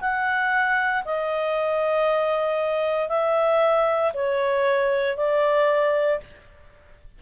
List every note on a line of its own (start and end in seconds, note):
0.00 1.03 F#5
1.05 3.09 D#5
3.09 4.12 E5
4.13 5.17 C#5
5.17 6.20 D5